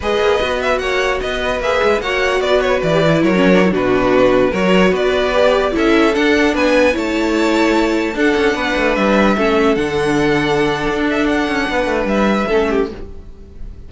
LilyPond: <<
  \new Staff \with { instrumentName = "violin" } { \time 4/4 \tempo 4 = 149 dis''4. e''8 fis''4 dis''4 | e''4 fis''4 d''8 cis''8 d''4 | cis''4~ cis''16 b'2 cis''8.~ | cis''16 d''2 e''4 fis''8.~ |
fis''16 gis''4 a''2~ a''8.~ | a''16 fis''2 e''4.~ e''16~ | e''16 fis''2.~ fis''16 e''8 | fis''2 e''2 | }
  \new Staff \with { instrumentName = "violin" } { \time 4/4 b'2 cis''4 b'4~ | b'4 cis''4 b'2 | ais'4~ ais'16 fis'2 ais'8.~ | ais'16 b'2 a'4.~ a'16~ |
a'16 b'4 cis''2~ cis''8.~ | cis''16 a'4 b'2 a'8.~ | a'1~ | a'4 b'2 a'8 g'8 | }
  \new Staff \with { instrumentName = "viola" } { \time 4/4 gis'4 fis'2. | gis'4 fis'2~ fis'16 g'16 e'8~ | e'16 cis'8 d'16 e'16 d'2 fis'8.~ | fis'4~ fis'16 g'4 e'4 d'8.~ |
d'4~ d'16 e'2~ e'8.~ | e'16 d'2. cis'8.~ | cis'16 d'2.~ d'8.~ | d'2. cis'4 | }
  \new Staff \with { instrumentName = "cello" } { \time 4/4 gis8 ais8 b4 ais4 b4 | ais8 gis8 ais4 b4 e4 | fis4~ fis16 b,2 fis8.~ | fis16 b2 cis'4 d'8.~ |
d'16 b4 a2~ a8.~ | a16 d'8 cis'8 b8 a8 g4 a8.~ | a16 d2~ d8. d'4~ | d'8 cis'8 b8 a8 g4 a4 | }
>>